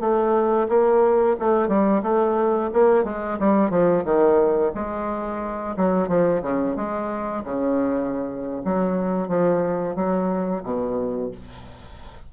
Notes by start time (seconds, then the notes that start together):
0.00 A3
0.69 A#3
1.39 A3
1.68 G3
2.03 A3
2.73 A#3
3.04 G#3
3.40 G3
3.70 F3
4.04 D#3
4.75 G#3
5.77 F#3
6.08 F3
6.42 C#3
6.76 G#3
7.44 C#3
8.64 F#3
9.28 F3
9.95 F#3
10.63 B2